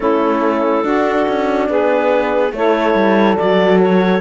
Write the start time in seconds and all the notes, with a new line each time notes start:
0.00 A3 C#4 E4 A4
0.83 D4 F#4
1.28 C#4
1.69 B3 G#4 B4
2.52 A3 E4 A4 C#5
2.94 G3
3.37 F#3 F#4 D5
3.80 C#5